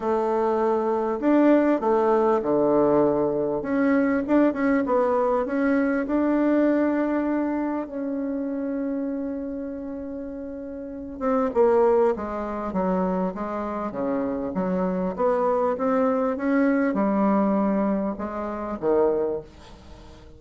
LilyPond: \new Staff \with { instrumentName = "bassoon" } { \time 4/4 \tempo 4 = 99 a2 d'4 a4 | d2 cis'4 d'8 cis'8 | b4 cis'4 d'2~ | d'4 cis'2.~ |
cis'2~ cis'8 c'8 ais4 | gis4 fis4 gis4 cis4 | fis4 b4 c'4 cis'4 | g2 gis4 dis4 | }